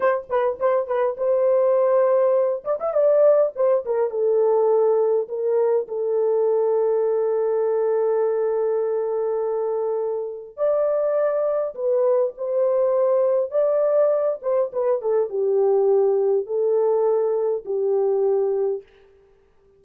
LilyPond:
\new Staff \with { instrumentName = "horn" } { \time 4/4 \tempo 4 = 102 c''8 b'8 c''8 b'8 c''2~ | c''8 d''16 e''16 d''4 c''8 ais'8 a'4~ | a'4 ais'4 a'2~ | a'1~ |
a'2 d''2 | b'4 c''2 d''4~ | d''8 c''8 b'8 a'8 g'2 | a'2 g'2 | }